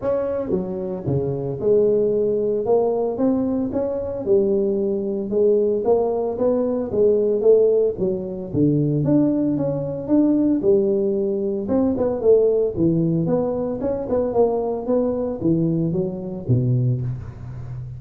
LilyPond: \new Staff \with { instrumentName = "tuba" } { \time 4/4 \tempo 4 = 113 cis'4 fis4 cis4 gis4~ | gis4 ais4 c'4 cis'4 | g2 gis4 ais4 | b4 gis4 a4 fis4 |
d4 d'4 cis'4 d'4 | g2 c'8 b8 a4 | e4 b4 cis'8 b8 ais4 | b4 e4 fis4 b,4 | }